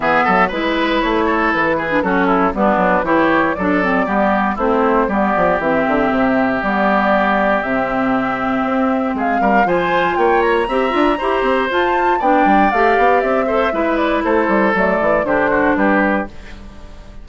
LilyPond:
<<
  \new Staff \with { instrumentName = "flute" } { \time 4/4 \tempo 4 = 118 e''4 b'4 cis''4 b'4 | a'4 b'4 cis''4 d''4~ | d''4 c''4 d''4 e''4~ | e''4 d''2 e''4~ |
e''2 f''4 gis''4 | g''8 ais''2~ ais''8 a''4 | g''4 f''4 e''4. d''8 | c''4 d''4 c''4 b'4 | }
  \new Staff \with { instrumentName = "oboe" } { \time 4/4 gis'8 a'8 b'4. a'4 gis'8 | fis'8 e'8 d'4 g'4 a'4 | g'4 e'4 g'2~ | g'1~ |
g'2 gis'8 ais'8 c''4 | cis''4 e''4 c''2 | d''2~ d''8 c''8 b'4 | a'2 g'8 fis'8 g'4 | }
  \new Staff \with { instrumentName = "clarinet" } { \time 4/4 b4 e'2~ e'8. d'16 | cis'4 b4 e'4 d'8 c'8 | b4 c'4 b4 c'4~ | c'4 b2 c'4~ |
c'2. f'4~ | f'4 g'8 f'8 g'4 f'4 | d'4 g'4. a'8 e'4~ | e'4 a4 d'2 | }
  \new Staff \with { instrumentName = "bassoon" } { \time 4/4 e8 fis8 gis4 a4 e4 | fis4 g8 fis8 e4 fis4 | g4 a4 g8 f8 e8 d8 | c4 g2 c4~ |
c4 c'4 gis8 g8 f4 | ais4 c'8 d'8 e'8 c'8 f'4 | b8 g8 a8 b8 c'4 gis4 | a8 g8 fis8 e8 d4 g4 | }
>>